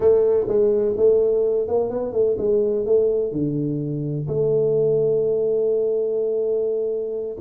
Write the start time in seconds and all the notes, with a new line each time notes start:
0.00 A3
0.48 G#3
0.96 A3
1.68 A#3
1.90 B3
2.12 A3
2.38 G#3
2.85 A3
3.32 D3
4.27 A3